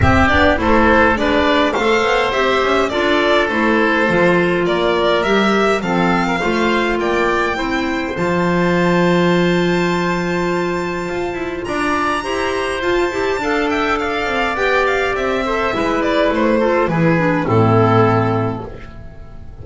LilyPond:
<<
  \new Staff \with { instrumentName = "violin" } { \time 4/4 \tempo 4 = 103 e''8 d''8 c''4 d''4 f''4 | e''4 d''4 c''2 | d''4 e''4 f''2 | g''2 a''2~ |
a''1 | ais''2 a''4. g''8 | f''4 g''8 f''8 e''4. d''8 | c''4 b'4 a'2 | }
  \new Staff \with { instrumentName = "oboe" } { \time 4/4 g'4 a'4 b'4 c''4~ | c''4 a'2. | ais'2 a'8. ais'16 c''4 | d''4 c''2.~ |
c''1 | d''4 c''2 f''8 e''8 | d''2~ d''8 c''8 b'4~ | b'8 a'8 gis'4 e'2 | }
  \new Staff \with { instrumentName = "clarinet" } { \time 4/4 c'8 d'8 e'4 d'4 a'4 | g'4 f'4 e'4 f'4~ | f'4 g'4 c'4 f'4~ | f'4 e'4 f'2~ |
f'1~ | f'4 g'4 f'8 g'8 a'4~ | a'4 g'4. a'8 e'4~ | e'8 f'8 e'8 d'8 c'2 | }
  \new Staff \with { instrumentName = "double bass" } { \time 4/4 c'8 b8 a4 gis4 a8 b8 | c'8 cis'8 d'4 a4 f4 | ais4 g4 f4 a4 | ais4 c'4 f2~ |
f2. f'8 e'8 | d'4 e'4 f'8 e'8 d'4~ | d'8 c'8 b4 c'4 gis4 | a4 e4 a,2 | }
>>